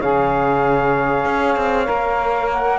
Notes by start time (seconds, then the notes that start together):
0.00 C#3 G#4 C#5 F5
1.25 C#4
1.56 C4
1.85 A#3 A#4
2.51 F#5